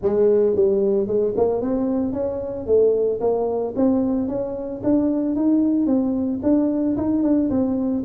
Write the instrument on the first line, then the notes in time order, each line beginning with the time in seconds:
tuba
0.02 G#3
0.55 G3
1.07 G#3
1.36 A#3
1.61 C4
2.13 C#4
2.66 A3
3.20 A#3
3.75 C4
4.28 C#4
4.83 D4
5.35 D#4
5.86 C4
6.42 D4
6.96 D#4
7.22 D4
7.50 C4